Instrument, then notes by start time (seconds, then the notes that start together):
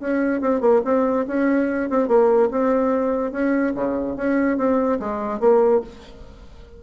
bassoon
0.00 C#4
0.41 C4
0.61 A#3
0.85 C4
1.28 C#4
1.90 C4
2.08 A#3
2.51 C4
3.32 C#4
3.75 C#3
4.16 C#4
4.58 C4
5.00 G#3
5.40 A#3